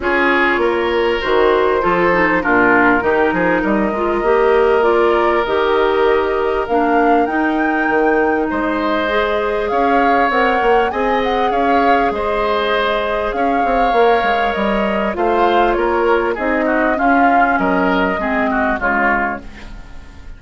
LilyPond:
<<
  \new Staff \with { instrumentName = "flute" } { \time 4/4 \tempo 4 = 99 cis''2 c''2 | ais'2 dis''2 | d''4 dis''2 f''4 | g''2 dis''2 |
f''4 fis''4 gis''8 fis''8 f''4 | dis''2 f''2 | dis''4 f''4 cis''4 dis''4 | f''4 dis''2 cis''4 | }
  \new Staff \with { instrumentName = "oboe" } { \time 4/4 gis'4 ais'2 a'4 | f'4 g'8 gis'8 ais'2~ | ais'1~ | ais'2 c''2 |
cis''2 dis''4 cis''4 | c''2 cis''2~ | cis''4 c''4 ais'4 gis'8 fis'8 | f'4 ais'4 gis'8 fis'8 f'4 | }
  \new Staff \with { instrumentName = "clarinet" } { \time 4/4 f'2 fis'4 f'8 dis'8 | d'4 dis'4. f'8 g'4 | f'4 g'2 d'4 | dis'2. gis'4~ |
gis'4 ais'4 gis'2~ | gis'2. ais'4~ | ais'4 f'2 dis'4 | cis'2 c'4 gis4 | }
  \new Staff \with { instrumentName = "bassoon" } { \time 4/4 cis'4 ais4 dis4 f4 | ais,4 dis8 f8 g8 gis8 ais4~ | ais4 dis2 ais4 | dis'4 dis4 gis2 |
cis'4 c'8 ais8 c'4 cis'4 | gis2 cis'8 c'8 ais8 gis8 | g4 a4 ais4 c'4 | cis'4 fis4 gis4 cis4 | }
>>